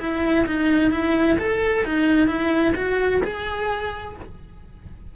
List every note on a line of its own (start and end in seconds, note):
0.00 0.46 E4
0.47 0.92 D#4
0.92 1.38 E4
1.39 1.85 A4
1.85 2.28 D#4
2.28 2.74 E4
2.76 3.22 F#4
3.24 4.16 G#4